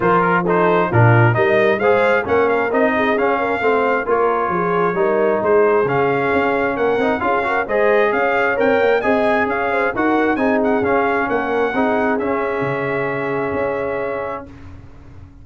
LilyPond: <<
  \new Staff \with { instrumentName = "trumpet" } { \time 4/4 \tempo 4 = 133 c''8 ais'8 c''4 ais'4 dis''4 | f''4 fis''8 f''8 dis''4 f''4~ | f''4 cis''2. | c''4 f''2 fis''4 |
f''4 dis''4 f''4 g''4 | gis''4 f''4 fis''4 gis''8 fis''8 | f''4 fis''2 e''4~ | e''1 | }
  \new Staff \with { instrumentName = "horn" } { \time 4/4 ais'4 a'4 f'4 ais'4 | c''4 ais'4. gis'4 ais'8 | c''4 ais'4 gis'4 ais'4 | gis'2. ais'4 |
gis'8 ais'8 c''4 cis''2 | dis''4 cis''8 c''8 ais'4 gis'4~ | gis'4 ais'4 gis'2~ | gis'1 | }
  \new Staff \with { instrumentName = "trombone" } { \time 4/4 f'4 dis'4 d'4 dis'4 | gis'4 cis'4 dis'4 cis'4 | c'4 f'2 dis'4~ | dis'4 cis'2~ cis'8 dis'8 |
f'8 fis'8 gis'2 ais'4 | gis'2 fis'4 dis'4 | cis'2 dis'4 cis'4~ | cis'1 | }
  \new Staff \with { instrumentName = "tuba" } { \time 4/4 f2 ais,4 g4 | gis4 ais4 c'4 cis'4 | a4 ais4 f4 g4 | gis4 cis4 cis'4 ais8 c'8 |
cis'4 gis4 cis'4 c'8 ais8 | c'4 cis'4 dis'4 c'4 | cis'4 ais4 c'4 cis'4 | cis2 cis'2 | }
>>